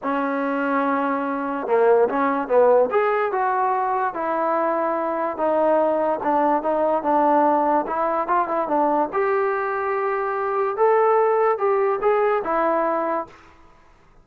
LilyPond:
\new Staff \with { instrumentName = "trombone" } { \time 4/4 \tempo 4 = 145 cis'1 | ais4 cis'4 b4 gis'4 | fis'2 e'2~ | e'4 dis'2 d'4 |
dis'4 d'2 e'4 | f'8 e'8 d'4 g'2~ | g'2 a'2 | g'4 gis'4 e'2 | }